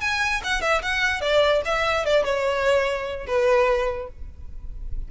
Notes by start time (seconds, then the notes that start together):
0.00 G#5
0.43 F#5
0.61 E5
0.82 F#5
1.20 D5
1.65 E5
2.05 D5
2.24 C#5
3.26 B4